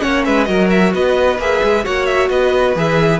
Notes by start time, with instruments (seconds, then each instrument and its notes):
0.00 cello A#3, viola C#4, violin C#5 F#5
0.24 cello G#3, violin B4 E5
0.44 cello F#3, viola F#4, violin A#4 D#5
0.70 violin E5
0.93 cello B3, violin B4 D#5
1.38 cello A#3, viola G#4, violin E5
1.63 cello G#3
1.84 cello A#3, viola F#4, violin C#5 F#5
2.06 violin E5
2.29 cello B3, violin B4 D#5
2.75 cello E3, viola G#4, violin E5